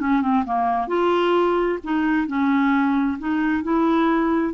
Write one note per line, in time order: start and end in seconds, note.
0.00 0.22 C#4
0.22 0.45 C4
0.45 0.88 A#3
0.88 1.79 F4
1.84 2.27 D#4
2.27 3.18 C#4
3.19 3.63 D#4
3.63 4.54 E4